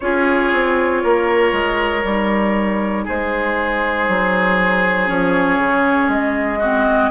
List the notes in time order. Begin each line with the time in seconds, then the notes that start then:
0.00 C#4 F4 G#4 C#5
0.52 C4
1.03 A#3 A#4
1.52 G#3
2.02 G3 D#4
3.04 G#3 G#4 C5
4.08 F#3
5.06 F3 C#4 C#5
5.57 C#3
6.07 G#3 D#5
6.58 C4 F#4